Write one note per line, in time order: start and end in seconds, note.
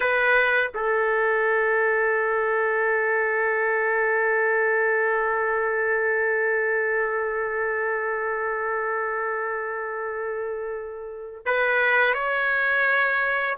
0.00 0.71 B4
0.74 11.45 A4
11.45 12.14 B4
12.14 13.56 C#5